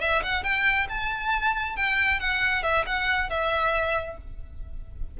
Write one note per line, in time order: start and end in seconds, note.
0.00 0.22 E5
0.23 0.43 F#5
0.43 0.87 G5
0.89 1.76 A5
1.76 2.20 G5
2.20 2.63 F#5
2.63 2.85 E5
2.86 3.30 F#5
3.30 4.17 E5